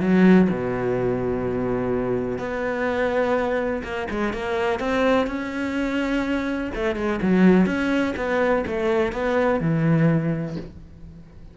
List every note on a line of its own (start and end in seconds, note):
0.00 0.48 F#3
0.50 2.38 B2
2.38 3.82 B3
3.83 4.07 A#3
4.10 4.34 G#3
4.34 4.80 A#3
4.80 5.27 C4
5.27 6.71 C#4
6.75 6.96 A3
6.96 7.20 G#3
7.22 7.66 F#3
7.66 8.14 C#4
8.16 8.64 B3
8.67 9.12 A3
9.12 9.60 B3
9.60 10.56 E3